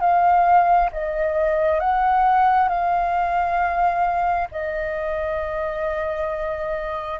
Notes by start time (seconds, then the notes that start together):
0.00 F5
0.92 D#5
1.80 F#5
2.69 F5
4.51 D#5